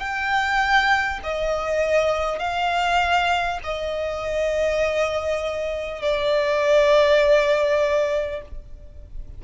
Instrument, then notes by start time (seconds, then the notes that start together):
violin
0.00 G5
1.24 D#5
2.39 F5
3.64 D#5
6.02 D5